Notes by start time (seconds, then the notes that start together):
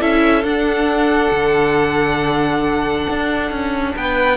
0.00 C#4 E4 A4 E5
0.44 D4 F#5
1.32 D3
3.09 D4
3.51 C#4
3.96 B3 B4 G5